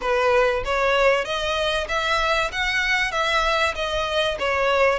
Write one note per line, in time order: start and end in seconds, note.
0.01 0.63 B4
0.64 1.24 C#5
1.24 1.87 D#5
1.88 2.51 E5
2.52 3.11 F#5
3.11 3.74 E5
3.75 4.38 D#5
4.39 4.99 C#5